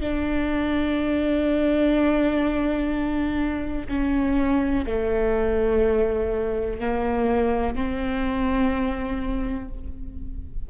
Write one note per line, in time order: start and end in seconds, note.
0.00 3.87 D4
3.88 4.85 C#4
4.86 6.80 A3
6.80 7.76 A#3
7.76 9.69 C4